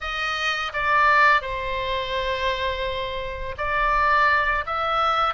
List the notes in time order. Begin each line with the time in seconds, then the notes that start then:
0.01 D#5
0.73 D5
1.41 C5
3.57 D5
4.66 E5